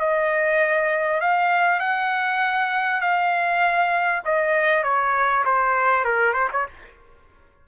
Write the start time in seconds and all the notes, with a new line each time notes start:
0.00 D#5
1.21 F5
1.80 F#5
3.01 F5
4.25 D#5
4.83 C#5
5.45 C5
6.05 A#4
6.34 C5
6.53 C#5